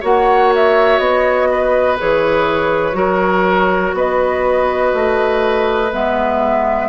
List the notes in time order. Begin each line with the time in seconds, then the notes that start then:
0.00 A#3 F#4 C#5 F#5
0.55 E5
0.98 B3 D#5
1.51 B4
1.98 E3 G#4 C#5
2.92 F#3 F#4 A#4
3.93 B3 B4 D#5
4.93 A3
5.92 G#3 B3 E5